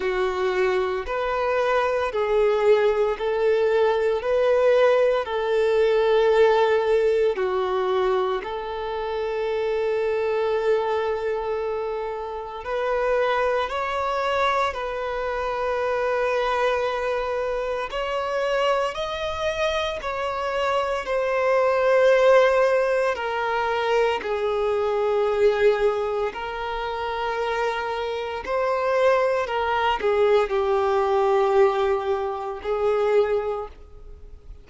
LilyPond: \new Staff \with { instrumentName = "violin" } { \time 4/4 \tempo 4 = 57 fis'4 b'4 gis'4 a'4 | b'4 a'2 fis'4 | a'1 | b'4 cis''4 b'2~ |
b'4 cis''4 dis''4 cis''4 | c''2 ais'4 gis'4~ | gis'4 ais'2 c''4 | ais'8 gis'8 g'2 gis'4 | }